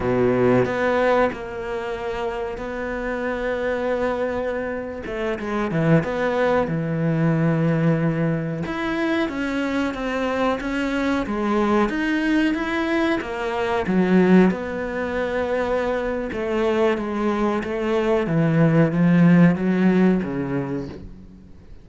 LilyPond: \new Staff \with { instrumentName = "cello" } { \time 4/4 \tempo 4 = 92 b,4 b4 ais2 | b2.~ b8. a16~ | a16 gis8 e8 b4 e4.~ e16~ | e4~ e16 e'4 cis'4 c'8.~ |
c'16 cis'4 gis4 dis'4 e'8.~ | e'16 ais4 fis4 b4.~ b16~ | b4 a4 gis4 a4 | e4 f4 fis4 cis4 | }